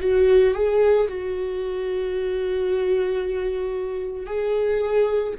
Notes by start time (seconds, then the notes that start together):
0.00 F#4
0.54 G#4
1.08 F#4
4.26 G#4